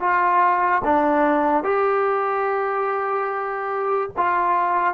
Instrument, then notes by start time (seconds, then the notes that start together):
trombone
0.00 F4
0.84 D4
1.64 G4
4.17 F4